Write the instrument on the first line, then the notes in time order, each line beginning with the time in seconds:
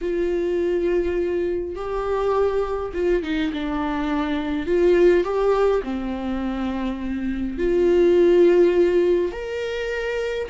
viola
0.01 F4
1.75 G4
2.93 F4
3.22 D#4
3.53 D4
4.66 F4
5.23 G4
5.83 C4
7.57 F4
9.32 A#4